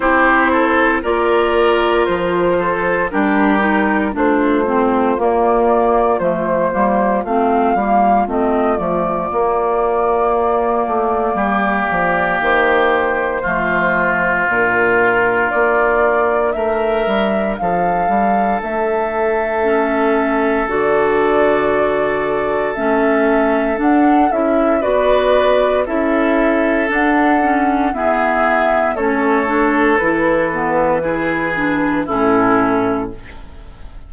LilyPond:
<<
  \new Staff \with { instrumentName = "flute" } { \time 4/4 \tempo 4 = 58 c''4 d''4 c''4 ais'4 | c''4 d''4 c''4 f''4 | dis''8 d''2.~ d''8 | c''2 ais'4 d''4 |
e''4 f''4 e''2 | d''2 e''4 fis''8 e''8 | d''4 e''4 fis''4 e''4 | cis''4 b'2 a'4 | }
  \new Staff \with { instrumentName = "oboe" } { \time 4/4 g'8 a'8 ais'4. a'8 g'4 | f'1~ | f'2. g'4~ | g'4 f'2. |
ais'4 a'2.~ | a'1 | b'4 a'2 gis'4 | a'2 gis'4 e'4 | }
  \new Staff \with { instrumentName = "clarinet" } { \time 4/4 e'4 f'2 d'8 dis'8 | d'8 c'8 ais4 a8 ais8 c'8 ais8 | c'8 a8 ais2.~ | ais4 a4 d'2~ |
d'2. cis'4 | fis'2 cis'4 d'8 e'8 | fis'4 e'4 d'8 cis'8 b4 | cis'8 d'8 e'8 b8 e'8 d'8 cis'4 | }
  \new Staff \with { instrumentName = "bassoon" } { \time 4/4 c'4 ais4 f4 g4 | a4 ais4 f8 g8 a8 g8 | a8 f8 ais4. a8 g8 f8 | dis4 f4 ais,4 ais4 |
a8 g8 f8 g8 a2 | d2 a4 d'8 cis'8 | b4 cis'4 d'4 e'4 | a4 e2 a,4 | }
>>